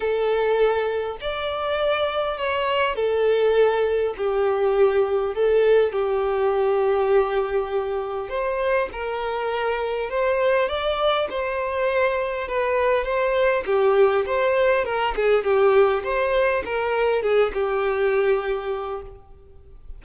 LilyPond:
\new Staff \with { instrumentName = "violin" } { \time 4/4 \tempo 4 = 101 a'2 d''2 | cis''4 a'2 g'4~ | g'4 a'4 g'2~ | g'2 c''4 ais'4~ |
ais'4 c''4 d''4 c''4~ | c''4 b'4 c''4 g'4 | c''4 ais'8 gis'8 g'4 c''4 | ais'4 gis'8 g'2~ g'8 | }